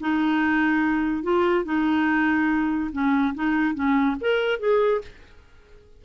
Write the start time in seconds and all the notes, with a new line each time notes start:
0.00 D#4
1.23 F4
1.64 D#4
2.92 C#4
3.35 D#4
3.74 C#4
4.20 A#4
4.59 G#4